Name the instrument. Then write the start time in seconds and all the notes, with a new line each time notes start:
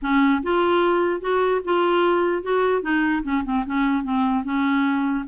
clarinet
0.01 C#4
0.42 F4
1.21 F#4
1.64 F4
2.42 F#4
2.82 D#4
3.23 C#4
3.44 C4
3.66 C#4
4.03 C4
4.44 C#4